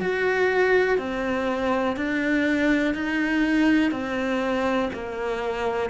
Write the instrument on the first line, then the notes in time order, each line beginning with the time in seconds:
cello
0.00 F#4
0.98 C4
1.96 D4
2.94 D#4
3.91 C4
4.93 A#3